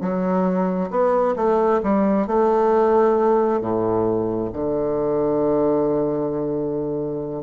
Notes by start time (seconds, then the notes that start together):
0.00 F#3
0.90 B3
1.36 A3
1.83 G3
2.26 A3
3.61 A2
4.53 D3